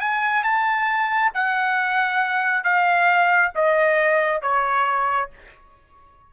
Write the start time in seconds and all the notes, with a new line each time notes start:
0.00 G#5
0.43 A5
1.34 F#5
2.64 F5
3.55 D#5
4.42 C#5